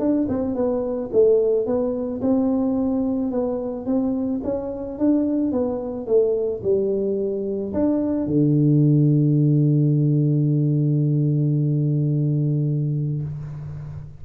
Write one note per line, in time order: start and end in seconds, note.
0.00 0.28 D4
0.29 0.56 C4
0.56 1.11 B3
1.13 1.67 A3
1.67 2.22 B3
2.22 3.32 C4
3.32 3.86 B3
3.86 4.41 C4
4.44 4.99 C#4
4.99 5.52 D4
5.52 6.07 B3
6.07 6.62 A3
6.64 7.74 G3
7.74 8.27 D4
8.27 13.23 D3